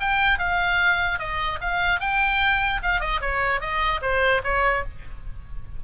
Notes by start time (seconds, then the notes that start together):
0.00 G5
0.39 F5
1.19 D#5
1.61 F5
2.00 G5
2.83 F5
3.00 D#5
3.21 C#5
3.60 D#5
4.02 C5
4.44 C#5